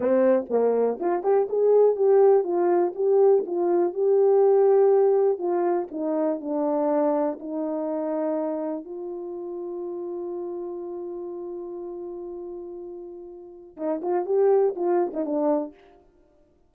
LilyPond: \new Staff \with { instrumentName = "horn" } { \time 4/4 \tempo 4 = 122 c'4 ais4 f'8 g'8 gis'4 | g'4 f'4 g'4 f'4 | g'2. f'4 | dis'4 d'2 dis'4~ |
dis'2 f'2~ | f'1~ | f'1 | dis'8 f'8 g'4 f'8. dis'16 d'4 | }